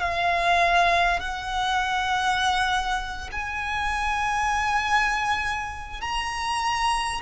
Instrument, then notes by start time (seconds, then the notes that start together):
violin
0.00 F5
1.19 F#5
3.31 G#5
6.01 A#5